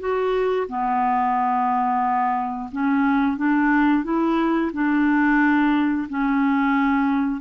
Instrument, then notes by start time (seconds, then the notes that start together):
clarinet
0.00 F#4
0.68 B3
2.72 C#4
3.37 D4
4.04 E4
4.73 D4
6.09 C#4